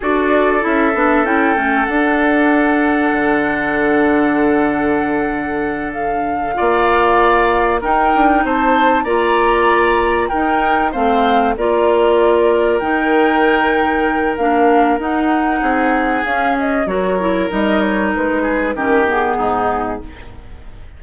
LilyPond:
<<
  \new Staff \with { instrumentName = "flute" } { \time 4/4 \tempo 4 = 96 d''4 e''4 g''4 fis''4~ | fis''1~ | fis''4. f''2~ f''8~ | f''8 g''4 a''4 ais''4.~ |
ais''8 g''4 f''4 d''4.~ | d''8 g''2~ g''8 f''4 | fis''2 f''8 dis''8 cis''4 | dis''8 cis''8 b'4 ais'8 gis'4. | }
  \new Staff \with { instrumentName = "oboe" } { \time 4/4 a'1~ | a'1~ | a'2~ a'8 d''4.~ | d''8 ais'4 c''4 d''4.~ |
d''8 ais'4 c''4 ais'4.~ | ais'1~ | ais'4 gis'2 ais'4~ | ais'4. gis'8 g'4 dis'4 | }
  \new Staff \with { instrumentName = "clarinet" } { \time 4/4 fis'4 e'8 d'8 e'8 cis'8 d'4~ | d'1~ | d'2~ d'8 f'4.~ | f'8 dis'2 f'4.~ |
f'8 dis'4 c'4 f'4.~ | f'8 dis'2~ dis'8 d'4 | dis'2 cis'4 fis'8 e'8 | dis'2 cis'8 b4. | }
  \new Staff \with { instrumentName = "bassoon" } { \time 4/4 d'4 cis'8 b8 cis'8 a8 d'4~ | d'4 d2.~ | d2~ d8 ais4.~ | ais8 dis'8 d'8 c'4 ais4.~ |
ais8 dis'4 a4 ais4.~ | ais8 dis2~ dis8 ais4 | dis'4 c'4 cis'4 fis4 | g4 gis4 dis4 gis,4 | }
>>